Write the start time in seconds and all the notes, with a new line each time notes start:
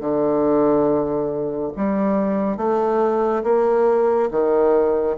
0.00 D3
1.76 G3
2.57 A3
3.44 A#3
4.31 D#3